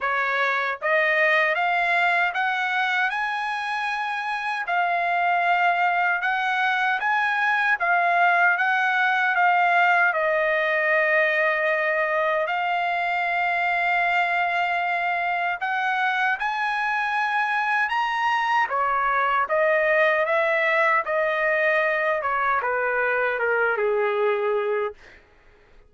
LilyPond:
\new Staff \with { instrumentName = "trumpet" } { \time 4/4 \tempo 4 = 77 cis''4 dis''4 f''4 fis''4 | gis''2 f''2 | fis''4 gis''4 f''4 fis''4 | f''4 dis''2. |
f''1 | fis''4 gis''2 ais''4 | cis''4 dis''4 e''4 dis''4~ | dis''8 cis''8 b'4 ais'8 gis'4. | }